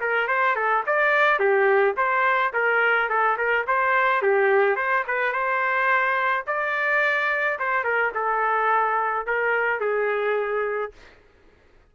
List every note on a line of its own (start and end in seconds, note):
0.00 0.27 A#4
0.27 0.55 C5
0.55 0.83 A4
0.86 1.39 D5
1.39 1.95 G4
1.97 2.53 C5
2.53 3.09 A#4
3.09 3.37 A4
3.37 3.66 A#4
3.67 4.22 C5
4.22 4.76 G4
4.76 5.04 C5
5.07 5.32 B4
5.32 6.44 C5
6.46 7.59 D5
7.59 7.84 C5
7.84 8.12 A#4
8.14 9.26 A4
9.26 9.80 A#4
9.80 10.92 G#4